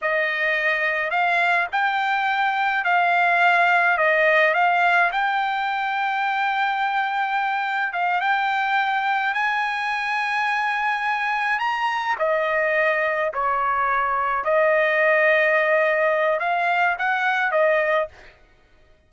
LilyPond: \new Staff \with { instrumentName = "trumpet" } { \time 4/4 \tempo 4 = 106 dis''2 f''4 g''4~ | g''4 f''2 dis''4 | f''4 g''2.~ | g''2 f''8 g''4.~ |
g''8 gis''2.~ gis''8~ | gis''8 ais''4 dis''2 cis''8~ | cis''4. dis''2~ dis''8~ | dis''4 f''4 fis''4 dis''4 | }